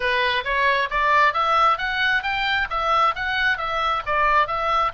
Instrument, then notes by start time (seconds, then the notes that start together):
oboe
0.00 B4
0.44 C#5
0.90 D5
1.33 E5
1.77 F#5
2.23 G5
2.70 E5
3.15 F#5
3.57 E5
4.06 D5
4.47 E5